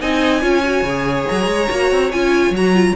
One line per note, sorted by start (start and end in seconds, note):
0.00 0.43 C4
0.00 0.41 D#4
0.00 0.41 D#5
0.00 1.28 G#5
0.41 0.82 C#4
0.41 0.62 F4
0.41 2.95 C#5
0.64 0.85 F#4
0.82 1.24 C#3
0.89 1.68 G#4
1.28 1.46 F#3
1.28 2.11 A#5
1.46 1.67 G#3
1.68 1.91 A#3
1.68 2.10 F#4
1.91 2.12 C4
2.11 2.50 C#4
2.11 2.55 F4
2.11 2.54 G#5
2.50 2.92 F#3
2.50 2.74 F#4
2.50 2.95 A#5
2.74 2.95 F4